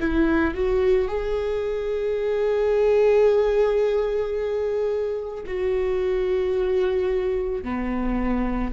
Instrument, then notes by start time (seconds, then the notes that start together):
viola
0.00 E4
0.55 F#4
1.08 G#4
5.46 F#4
7.64 B3